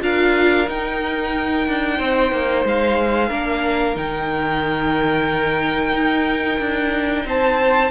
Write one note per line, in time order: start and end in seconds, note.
0.00 0.68 D4
0.00 0.66 F4
0.00 1.97 A#4
0.00 0.69 F5
0.68 3.30 D#4
0.68 1.67 D#4
0.68 2.67 G5
1.68 2.00 D4
1.97 2.32 C4
1.97 3.28 C5
2.32 2.65 A#3
2.65 3.30 G#3
2.65 3.97 F5
3.28 3.96 A#3
3.28 3.95 D4
3.28 7.24 A#4
3.95 5.93 D#3
3.95 7.90 D#4
3.95 7.27 G5
5.93 6.59 D#4
6.59 7.25 D4
7.25 7.91 C4
7.25 7.91 C5
7.25 7.91 A5